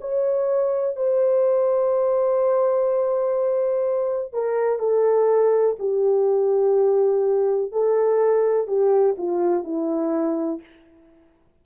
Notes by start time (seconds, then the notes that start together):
0.00 C#5
0.96 C5
4.33 A#4
4.79 A4
5.78 G4
7.72 A4
8.67 G4
9.18 F4
9.64 E4